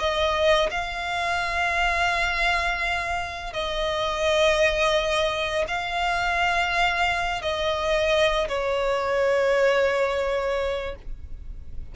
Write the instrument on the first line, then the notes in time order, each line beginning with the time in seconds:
violin
0.00 D#5
0.71 F5
3.54 D#5
5.68 F5
7.42 D#5
8.49 C#5